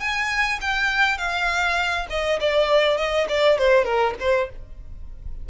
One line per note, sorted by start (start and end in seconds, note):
0.00 0.59 G#5
0.61 1.18 G5
1.18 2.07 F5
2.10 2.39 D#5
2.40 2.97 D5
2.97 3.27 D#5
3.29 3.58 D5
3.58 3.85 C5
3.85 4.14 A#4
4.20 4.49 C5